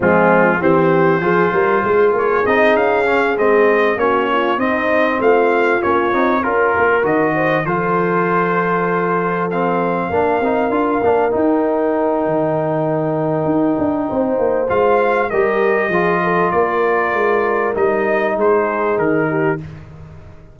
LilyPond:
<<
  \new Staff \with { instrumentName = "trumpet" } { \time 4/4 \tempo 4 = 98 f'4 c''2~ c''8 cis''8 | dis''8 f''4 dis''4 cis''4 dis''8~ | dis''8 f''4 cis''4 ais'4 dis''8~ | dis''8 c''2. f''8~ |
f''2~ f''8 g''4.~ | g''1 | f''4 dis''2 d''4~ | d''4 dis''4 c''4 ais'4 | }
  \new Staff \with { instrumentName = "horn" } { \time 4/4 c'4 g'4 gis'8 ais'8 gis'4~ | gis'2~ gis'8 fis'8 f'8 dis'8~ | dis'8 f'2 ais'4. | c''8 a'2.~ a'8~ |
a'8 ais'2.~ ais'8~ | ais'2. c''4~ | c''4 ais'4 gis'8 a'8 ais'4~ | ais'2 gis'4. g'8 | }
  \new Staff \with { instrumentName = "trombone" } { \time 4/4 gis4 c'4 f'2 | dis'4 cis'8 c'4 cis'4 c'8~ | c'4. cis'8 dis'8 f'4 fis'8~ | fis'8 f'2. c'8~ |
c'8 d'8 dis'8 f'8 d'8 dis'4.~ | dis'1 | f'4 g'4 f'2~ | f'4 dis'2. | }
  \new Staff \with { instrumentName = "tuba" } { \time 4/4 f4 e4 f8 g8 gis8 ais8 | c'8 cis'4 gis4 ais4 c'8~ | c'8 a4 ais8 c'8 cis'8 ais8 dis8~ | dis8 f2.~ f8~ |
f8 ais8 c'8 d'8 ais8 dis'4. | dis2 dis'8 d'8 c'8 ais8 | gis4 g4 f4 ais4 | gis4 g4 gis4 dis4 | }
>>